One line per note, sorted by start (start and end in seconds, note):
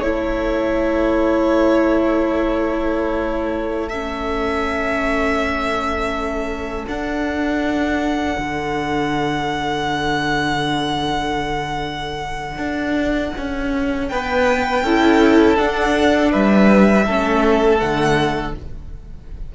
0.00 6.85 A3
0.00 3.92 E4
0.00 14.11 A4
0.00 3.89 C#5
3.89 6.87 C#4
3.89 6.85 E5
6.87 14.83 D4
6.87 8.36 D4
6.87 14.08 F#5
8.38 12.58 D3
12.58 13.32 D4
13.38 14.12 C#4
14.08 14.84 B3
14.08 14.84 B4
14.08 15.56 G5
14.84 15.58 C#4
14.84 15.58 E4
14.84 16.31 A4
15.58 17.06 D4
15.58 16.33 D4
15.58 16.32 F#5
16.31 17.07 G3
16.31 17.05 B4
16.31 17.79 E5
17.06 17.81 A3
17.06 17.78 C#4
17.06 18.54 A4
17.78 18.55 D3
17.78 18.52 A3
17.78 18.53 F#5